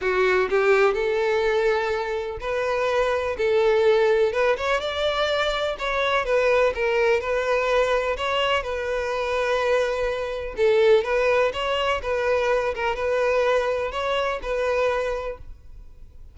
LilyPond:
\new Staff \with { instrumentName = "violin" } { \time 4/4 \tempo 4 = 125 fis'4 g'4 a'2~ | a'4 b'2 a'4~ | a'4 b'8 cis''8 d''2 | cis''4 b'4 ais'4 b'4~ |
b'4 cis''4 b'2~ | b'2 a'4 b'4 | cis''4 b'4. ais'8 b'4~ | b'4 cis''4 b'2 | }